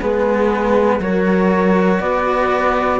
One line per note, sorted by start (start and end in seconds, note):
0.00 0.99 G#3
0.00 1.01 B3
0.00 1.00 G#4
0.00 1.01 B4
0.99 1.99 F#3
0.99 3.00 F#4
0.99 2.02 A#4
0.99 2.01 C#5
2.00 3.00 B3
2.00 3.00 B4
2.00 3.00 D5